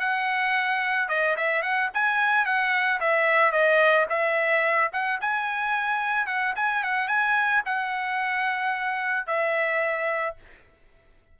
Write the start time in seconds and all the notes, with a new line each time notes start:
0.00 F#5
1.09 D#5
1.37 E5
1.63 F#5
1.94 G#5
2.45 F#5
3.00 E5
3.52 D#5
4.10 E5
4.93 F#5
5.21 G#5
6.27 F#5
6.56 G#5
6.84 F#5
7.08 G#5
7.66 F#5
9.27 E5